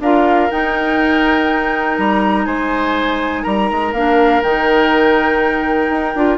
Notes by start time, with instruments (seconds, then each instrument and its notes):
0.00 bassoon D4, clarinet F4, oboe A#4, flute F5
0.51 clarinet D#4, bassoon D#4, flute G5
1.97 bassoon G3, flute A#5
2.46 bassoon G#3, oboe C5, flute G#5
3.43 bassoon G3, oboe A#4, flute A#5
3.71 bassoon G#3
3.93 bassoon A#3, clarinet D4, flute F5
4.43 bassoon D#3, clarinet D#4, flute G5
5.90 bassoon D#4
6.15 bassoon D4, clarinet F4